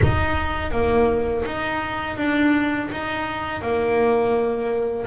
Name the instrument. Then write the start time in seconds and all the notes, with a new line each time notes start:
double bass
0.02 D#4
0.71 A#3
1.45 D#4
2.17 D4
2.91 D#4
3.61 A#3